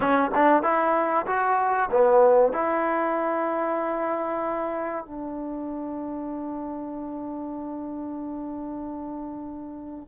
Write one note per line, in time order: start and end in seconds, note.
0.00 0.30 C#4
0.34 0.62 D4
0.62 1.25 E4
1.26 1.89 F#4
1.91 2.53 B3
2.53 5.05 E4
5.05 10.08 D4